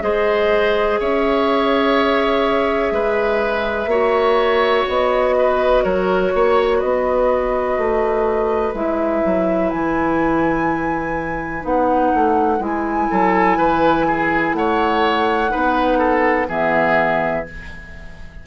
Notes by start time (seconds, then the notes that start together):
0.00 G#3 G#4 C5 D#5
0.99 C#4 C#5 E5
2.91 G#3 B4
3.85 A#3 F#4 C#5
4.87 B3 D#5
5.38 B4
5.83 F#3 A#4 C#5
6.33 A#3 C#5
6.78 B3 B4 D#5
7.77 A3
8.73 G#3 E4 E5
9.25 F#3
9.70 E3 G#5
11.61 B3 D#4 F#5
12.14 A3
12.59 G#3 E4 G#5
13.10 F#3 A4
13.57 E3 B4
14.07 G#4
14.53 A3 C#5 F#5
15.48 B3 D#4 B4
15.98 A4
16.48 E3 B3 G#4 E5